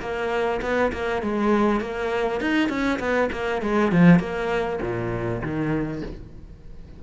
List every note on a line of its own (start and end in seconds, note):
0.00 0.60 A#3
0.61 0.91 B3
0.92 1.22 A#3
1.22 1.81 G#3
1.81 2.40 A#3
2.40 2.69 D#4
2.69 2.99 C#4
2.99 3.29 B3
3.32 3.62 A#3
3.62 3.91 G#3
3.91 4.19 F3
4.19 4.79 A#3
4.81 5.41 A#2
5.42 6.02 D#3